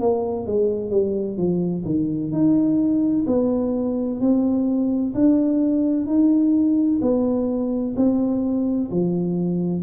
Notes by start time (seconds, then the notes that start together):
0.00 A#3
0.46 G#3
0.90 G3
1.37 F3
1.85 D#3
2.32 D#4
3.27 B3
4.20 C4
5.14 D4
6.06 D#4
7.01 B3
7.96 C4
8.91 F3